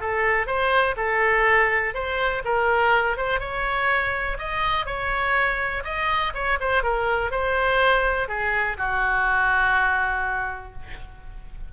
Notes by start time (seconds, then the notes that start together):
0.00 A4
0.47 C5
0.96 A4
1.94 C5
2.45 A#4
3.17 C5
3.40 C#5
4.38 D#5
4.86 C#5
5.84 D#5
6.34 C#5
6.60 C5
6.83 A#4
7.31 C5
8.28 G#4
8.77 F#4